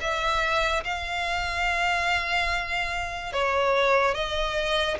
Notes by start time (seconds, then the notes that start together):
0.00 E5
0.84 F5
3.33 C#5
4.14 D#5